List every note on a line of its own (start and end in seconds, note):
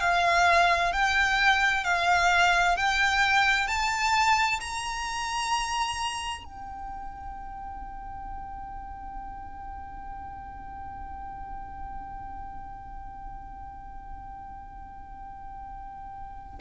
0.00 0.92 F5
0.92 1.84 G5
1.84 2.77 F5
2.77 3.68 G5
3.68 4.60 A5
4.60 6.44 A#5
6.44 16.59 G5